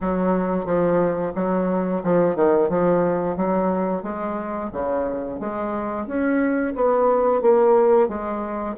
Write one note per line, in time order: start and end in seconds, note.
0.01 0.65 F#3
0.65 1.32 F3
1.35 2.02 F#3
2.03 2.35 F3
2.35 2.69 D#3
2.69 3.36 F3
3.36 4.02 F#3
4.02 4.70 G#3
4.72 5.39 C#3
5.39 6.06 G#3
6.06 6.74 C#4
6.75 7.41 B3
7.41 8.08 A#3
8.08 8.75 G#3